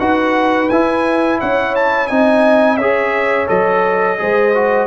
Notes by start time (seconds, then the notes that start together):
0.00 D#4 F#4 B4 F#5
0.70 E4 G#5
1.40 C#4 C#5 F#5
1.76 A5
2.08 C4 D#4 D#5 G#5
2.77 C#4 G#4 C#5 E5
3.47 F#3 A4 D#5
4.18 G#3 G#4 C5
4.55 F#4